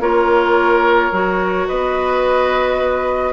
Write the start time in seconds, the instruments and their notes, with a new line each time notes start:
0.00 bassoon A#3, clarinet F4, oboe A#4, flute C#5
1.12 bassoon F#3, clarinet F#4
1.68 bassoon B3, oboe B4, flute D#5